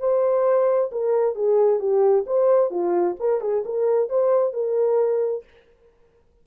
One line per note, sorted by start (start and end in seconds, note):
0.00 0.91 C5
0.92 1.36 A#4
1.36 1.80 G#4
1.80 2.25 G4
2.27 2.71 C5
2.71 3.16 F4
3.20 3.41 A#4
3.41 3.64 G#4
3.66 4.10 A#4
4.10 4.54 C5
4.54 5.45 A#4